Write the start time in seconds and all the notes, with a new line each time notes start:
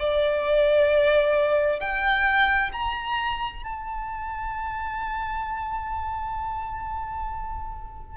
0.00 D5
1.81 G5
2.73 A#5
3.64 A5